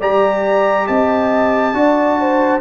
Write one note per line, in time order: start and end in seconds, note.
0.00 0.87 G3
0.00 1.74 G4
0.00 0.87 D5
0.00 0.87 A#5
0.87 1.73 C4
0.87 1.74 D#5
0.87 2.61 A5
1.73 2.60 D4
1.73 2.61 F#4
1.73 2.20 D5
2.20 2.61 C5